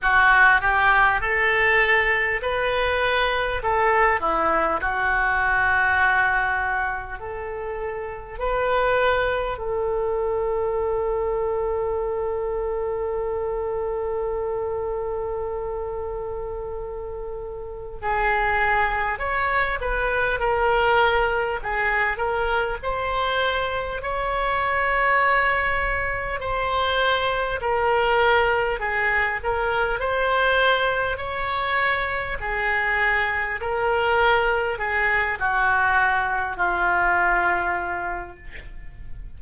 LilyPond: \new Staff \with { instrumentName = "oboe" } { \time 4/4 \tempo 4 = 50 fis'8 g'8 a'4 b'4 a'8 e'8 | fis'2 a'4 b'4 | a'1~ | a'2. gis'4 |
cis''8 b'8 ais'4 gis'8 ais'8 c''4 | cis''2 c''4 ais'4 | gis'8 ais'8 c''4 cis''4 gis'4 | ais'4 gis'8 fis'4 f'4. | }